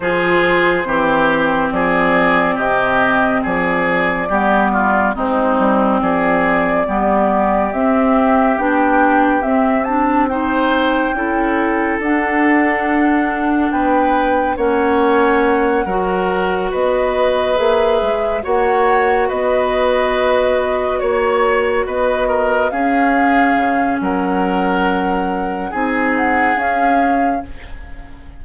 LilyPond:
<<
  \new Staff \with { instrumentName = "flute" } { \time 4/4 \tempo 4 = 70 c''2 d''4 dis''4 | d''2 c''4 d''4~ | d''4 e''4 g''4 e''8 a''8 | g''2 fis''2 |
g''4 fis''2~ fis''8 dis''8~ | dis''8 e''4 fis''4 dis''4.~ | dis''8 cis''4 dis''4 f''4. | fis''2 gis''8 fis''8 f''4 | }
  \new Staff \with { instrumentName = "oboe" } { \time 4/4 gis'4 g'4 gis'4 g'4 | gis'4 g'8 f'8 dis'4 gis'4 | g'1 | c''4 a'2. |
b'4 cis''4. ais'4 b'8~ | b'4. cis''4 b'4.~ | b'8 cis''4 b'8 ais'8 gis'4. | ais'2 gis'2 | }
  \new Staff \with { instrumentName = "clarinet" } { \time 4/4 f'4 c'2.~ | c'4 b4 c'2 | b4 c'4 d'4 c'8 d'8 | dis'4 e'4 d'2~ |
d'4 cis'4. fis'4.~ | fis'8 gis'4 fis'2~ fis'8~ | fis'2~ fis'8 cis'4.~ | cis'2 dis'4 cis'4 | }
  \new Staff \with { instrumentName = "bassoon" } { \time 4/4 f4 e4 f4 c4 | f4 g4 gis8 g8 f4 | g4 c'4 b4 c'4~ | c'4 cis'4 d'2 |
b4 ais4. fis4 b8~ | b8 ais8 gis8 ais4 b4.~ | b8 ais4 b4 cis'4 cis8 | fis2 c'4 cis'4 | }
>>